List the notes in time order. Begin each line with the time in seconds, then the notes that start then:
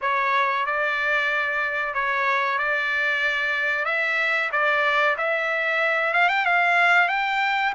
0.01 C#5
0.66 D5
1.94 C#5
2.58 D5
3.85 E5
4.52 D5
5.17 E5
6.13 F5
6.28 G5
6.45 F5
7.08 G5